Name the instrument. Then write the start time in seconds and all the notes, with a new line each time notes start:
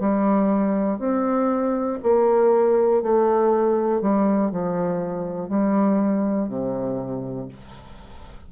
bassoon
0.00 G3
0.99 C4
2.03 A#3
3.03 A3
4.01 G3
4.52 F3
5.50 G3
6.49 C3